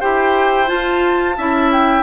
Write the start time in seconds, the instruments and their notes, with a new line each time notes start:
0.00 bassoon E4, clarinet G4, oboe C5, flute G5
0.66 clarinet F4, bassoon F4, flute A5
1.37 bassoon C#4, clarinet E4, oboe E5
1.72 flute G5